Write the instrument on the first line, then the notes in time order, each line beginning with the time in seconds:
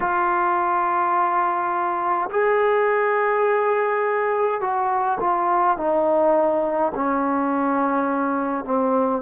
trombone
0.00 F4
2.30 G#4
4.60 F#4
5.20 F4
5.77 D#4
6.94 C#4
8.64 C4